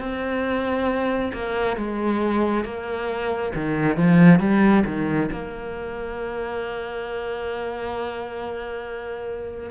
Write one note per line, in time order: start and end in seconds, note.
0.00 1.32 C4
1.34 1.77 A#3
1.77 2.65 G#3
2.65 3.53 A#3
3.55 3.97 D#3
3.97 4.40 F3
4.40 4.84 G3
4.86 5.30 D#3
5.32 9.71 A#3